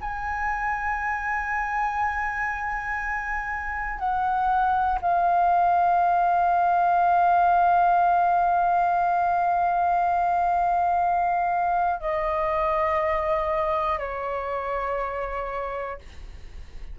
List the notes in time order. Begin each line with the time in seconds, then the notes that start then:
0.00 G#5
3.99 F#5
5.01 F5
12.00 D#5
13.99 C#5